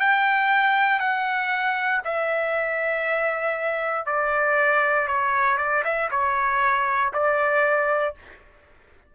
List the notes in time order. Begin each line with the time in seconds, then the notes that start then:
0.00 G5
1.00 F#5
2.05 E5
4.06 D5
5.08 C#5
5.58 D5
5.85 E5
6.11 C#5
7.14 D5